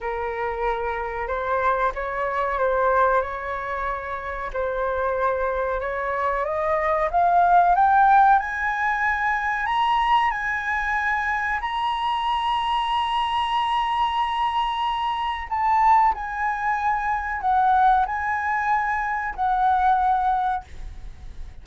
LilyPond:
\new Staff \with { instrumentName = "flute" } { \time 4/4 \tempo 4 = 93 ais'2 c''4 cis''4 | c''4 cis''2 c''4~ | c''4 cis''4 dis''4 f''4 | g''4 gis''2 ais''4 |
gis''2 ais''2~ | ais''1 | a''4 gis''2 fis''4 | gis''2 fis''2 | }